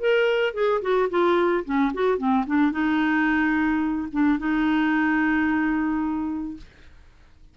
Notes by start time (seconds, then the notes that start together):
0.00 A#4
0.54 G#4
0.82 F#4
1.10 F4
1.65 C#4
1.94 F#4
2.18 C4
2.46 D4
2.72 D#4
4.12 D4
4.39 D#4